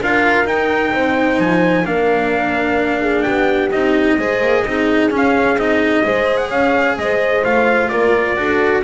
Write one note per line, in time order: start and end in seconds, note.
0.00 0.45 D4
0.00 0.44 F4
0.00 0.93 A#4
0.00 0.47 F5
0.44 1.84 D#4
0.44 0.91 D#4
0.44 1.40 G5
0.93 1.39 C4
0.93 1.86 C5
1.39 1.85 F3
1.39 1.86 G#5
1.84 3.24 A#3
1.84 3.70 D4
1.84 3.01 A#4
1.84 3.22 F5
3.01 3.24 G#4
3.22 3.72 B3
3.22 4.17 G4
3.22 3.69 G5
3.71 4.17 C4
3.71 4.19 D#4
3.71 5.10 D#5
4.17 4.41 G#3
4.17 4.66 G#4
4.17 4.64 C5
4.41 4.64 A#3
4.64 5.11 C4
4.64 5.11 D#4
4.64 6.04 G#4
5.11 5.57 C#4
5.11 5.55 C#4
5.11 5.59 F5
5.55 6.01 C4
5.55 6.04 D#4
5.55 6.37 D#5
6.04 6.50 G#3
6.04 7.43 G#4
6.04 6.48 C5
6.37 6.49 F#5
6.48 6.97 C#4
6.48 6.94 C#5
6.48 6.97 F5
6.97 7.44 G#3
6.97 7.91 C5
6.97 7.44 D#5
7.44 7.90 A3
7.44 8.36 F4
7.44 7.89 F5
7.89 8.37 A#3
7.89 8.37 A#4
7.89 8.82 D5
8.36 8.83 D4
8.36 8.83 F#4
8.36 8.83 A4